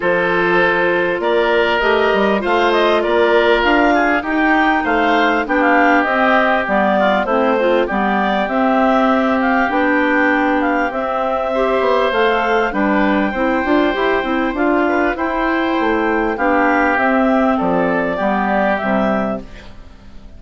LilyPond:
<<
  \new Staff \with { instrumentName = "clarinet" } { \time 4/4 \tempo 4 = 99 c''2 d''4 dis''4 | f''8 dis''8 d''4 f''4 g''4 | f''4 g''16 f''8. dis''4 d''4 | c''4 d''4 e''4. f''8 |
g''4. f''8 e''2 | f''4 g''2. | f''4 g''2 f''4 | e''4 d''2 e''4 | }
  \new Staff \with { instrumentName = "oboe" } { \time 4/4 a'2 ais'2 | c''4 ais'4. gis'8 g'4 | c''4 g'2~ g'8 f'8 | e'8 c'8 g'2.~ |
g'2. c''4~ | c''4 b'4 c''2~ | c''8 b'8 c''2 g'4~ | g'4 a'4 g'2 | }
  \new Staff \with { instrumentName = "clarinet" } { \time 4/4 f'2. g'4 | f'2. dis'4~ | dis'4 d'4 c'4 b4 | c'8 f'8 b4 c'2 |
d'2 c'4 g'4 | a'4 d'4 e'8 f'8 g'8 e'8 | f'4 e'2 d'4 | c'2 b4 g4 | }
  \new Staff \with { instrumentName = "bassoon" } { \time 4/4 f2 ais4 a8 g8 | a4 ais4 d'4 dis'4 | a4 b4 c'4 g4 | a4 g4 c'2 |
b2 c'4. b8 | a4 g4 c'8 d'8 e'8 c'8 | d'4 e'4 a4 b4 | c'4 f4 g4 c4 | }
>>